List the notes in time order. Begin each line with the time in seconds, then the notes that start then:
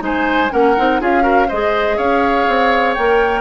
0.00 G#3 D#4 C5 G#5
0.51 A#3 C#4 A#4 F#5
0.77 C4 D#4
1.01 C#4 F4 G#4 F5
1.22 F#4 A#4
1.48 G#3 G#4 C5 D#5
1.97 C#4 C#5 F5
2.48 C4
2.94 A#3 A#4 G5